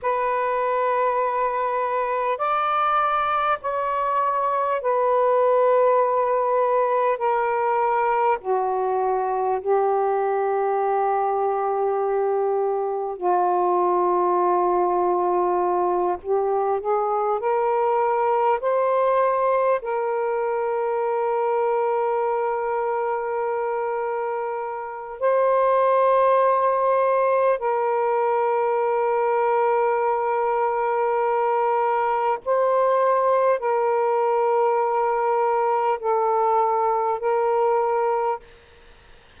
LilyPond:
\new Staff \with { instrumentName = "saxophone" } { \time 4/4 \tempo 4 = 50 b'2 d''4 cis''4 | b'2 ais'4 fis'4 | g'2. f'4~ | f'4. g'8 gis'8 ais'4 c''8~ |
c''8 ais'2.~ ais'8~ | ais'4 c''2 ais'4~ | ais'2. c''4 | ais'2 a'4 ais'4 | }